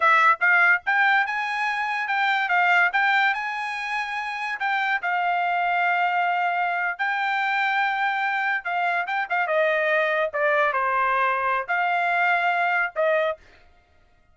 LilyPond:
\new Staff \with { instrumentName = "trumpet" } { \time 4/4 \tempo 4 = 144 e''4 f''4 g''4 gis''4~ | gis''4 g''4 f''4 g''4 | gis''2. g''4 | f''1~ |
f''8. g''2.~ g''16~ | g''8. f''4 g''8 f''8 dis''4~ dis''16~ | dis''8. d''4 c''2~ c''16 | f''2. dis''4 | }